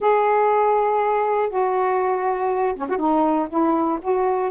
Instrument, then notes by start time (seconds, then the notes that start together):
saxophone
0.00 G#4
1.49 F#4
2.75 C#4
2.89 F#4
2.97 D#4
3.49 E4
4.01 F#4